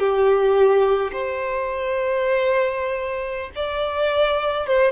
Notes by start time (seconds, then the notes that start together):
0.00 G4
1.13 C5
3.56 D5
4.67 C5